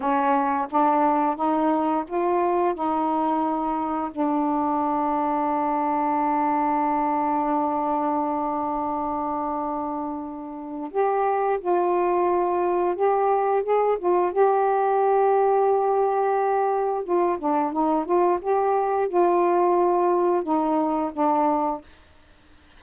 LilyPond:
\new Staff \with { instrumentName = "saxophone" } { \time 4/4 \tempo 4 = 88 cis'4 d'4 dis'4 f'4 | dis'2 d'2~ | d'1~ | d'1 |
g'4 f'2 g'4 | gis'8 f'8 g'2.~ | g'4 f'8 d'8 dis'8 f'8 g'4 | f'2 dis'4 d'4 | }